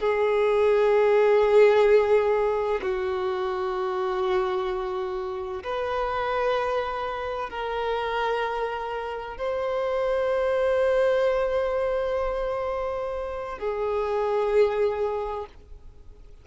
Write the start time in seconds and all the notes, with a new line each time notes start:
0.00 G#4
2.82 F#4
5.63 B4
7.50 A#4
9.37 C5
13.59 G#4